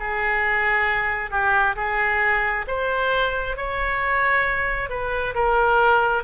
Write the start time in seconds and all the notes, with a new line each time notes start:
0.00 G#4
1.31 G4
1.76 G#4
2.67 C5
3.57 C#5
4.90 B4
5.34 A#4